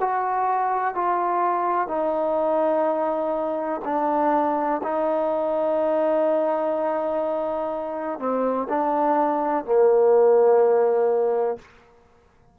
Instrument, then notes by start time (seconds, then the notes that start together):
trombone
0.00 F#4
0.95 F4
1.88 D#4
3.84 D4
4.83 D#4
8.19 C4
8.69 D4
9.65 A#3